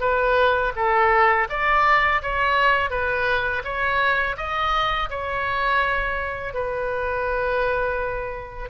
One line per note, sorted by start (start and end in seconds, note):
0.00 0.72 B4
0.75 1.48 A4
1.49 2.21 D5
2.22 2.90 C#5
2.90 3.62 B4
3.64 4.36 C#5
4.37 5.09 D#5
5.10 6.54 C#5
6.54 8.69 B4